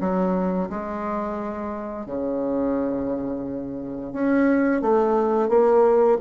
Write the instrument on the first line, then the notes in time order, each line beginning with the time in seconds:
bassoon
0.00 F#3
0.70 G#3
2.06 C#3
4.13 C#4
4.82 A3
5.49 A#3